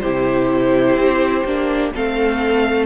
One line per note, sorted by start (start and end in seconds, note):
0.00 0.96 C3
0.00 1.46 E4
0.00 1.92 G4
0.00 1.90 C5
0.96 1.44 C4
1.44 1.92 A#3
1.44 1.94 D4
1.94 2.86 A3
1.94 2.86 C4
1.94 2.86 A4
1.94 2.86 F5